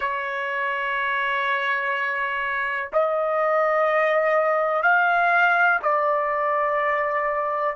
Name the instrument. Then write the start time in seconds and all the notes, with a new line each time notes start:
trumpet
0.00 C#5
2.93 D#5
4.82 F5
5.82 D5